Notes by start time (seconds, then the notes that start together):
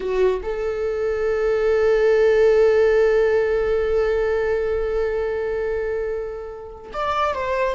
0.00 F#4
0.43 A4
6.93 D5
7.34 C5